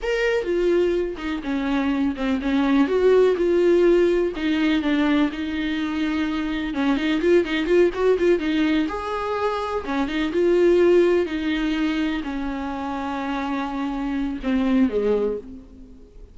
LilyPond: \new Staff \with { instrumentName = "viola" } { \time 4/4 \tempo 4 = 125 ais'4 f'4. dis'8 cis'4~ | cis'8 c'8 cis'4 fis'4 f'4~ | f'4 dis'4 d'4 dis'4~ | dis'2 cis'8 dis'8 f'8 dis'8 |
f'8 fis'8 f'8 dis'4 gis'4.~ | gis'8 cis'8 dis'8 f'2 dis'8~ | dis'4. cis'2~ cis'8~ | cis'2 c'4 gis4 | }